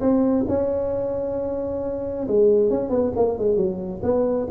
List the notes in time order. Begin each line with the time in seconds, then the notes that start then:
0.00 C4
0.48 C#4
2.28 G#3
2.70 C#4
2.90 B3
3.16 A#3
3.38 G#3
3.56 F#3
4.03 B3